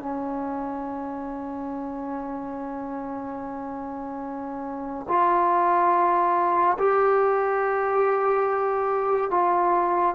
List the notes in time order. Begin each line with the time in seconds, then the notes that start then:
0.00 C#4
5.09 F4
6.79 G4
9.31 F4